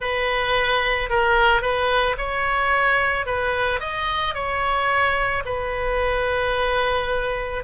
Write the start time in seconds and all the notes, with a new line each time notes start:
0.00 B4
1.09 A#4
1.61 B4
2.17 C#5
3.26 B4
3.79 D#5
4.34 C#5
5.45 B4